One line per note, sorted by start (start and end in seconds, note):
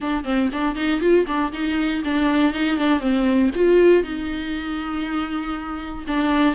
0.00 0.24 D4
0.24 0.49 C4
0.52 0.75 D4
0.75 1.00 D#4
1.01 1.26 F4
1.26 1.51 D4
1.52 2.02 D#4
2.04 2.53 D4
2.53 2.77 D#4
2.77 3.00 D4
3.00 3.50 C4
3.55 4.03 F4
4.03 6.04 D#4
6.07 6.55 D4